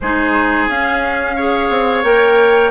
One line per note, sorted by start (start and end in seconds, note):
0.01 0.67 G#3
0.01 0.69 D#4
0.01 1.36 G#4
0.01 0.69 C5
0.67 1.69 C#4
0.67 1.37 C#4
0.67 2.04 F5
1.36 2.04 G#4
1.36 2.70 C#5
1.69 2.03 C4
2.03 2.70 A#3
2.03 2.70 A#4
2.03 2.70 G5